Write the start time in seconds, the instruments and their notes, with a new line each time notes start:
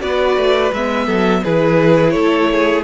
0.00 cello B3, viola F#4, violin B4 D5
0.37 cello A3
0.73 cello G#3, viola B3, violin E5
1.06 cello F#3, violin A4
1.44 cello E3, viola E4, violin G#4 B4
2.11 cello A3, violin A4 C#5
2.52 violin G#4